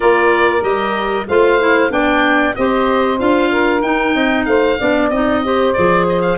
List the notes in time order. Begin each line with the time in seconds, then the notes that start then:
0.00 A#3 F4 A#4 D5
0.60 G3 G4 D#5
1.28 A3 F4 C5 F5
1.60 E4
1.89 B3 D4 D5 G5
2.55 C4 G4 C5 D#5
3.18 D4 F4 F5
3.50 A#4
3.82 D#4 G5
4.14 C4 D#5
4.45 A3 C5 F5
4.78 B3 D4 D5
5.10 C4 D#4 D#5
5.44 G4 C5
5.73 F3 G#4 D5
6.09 D#5
6.21 F5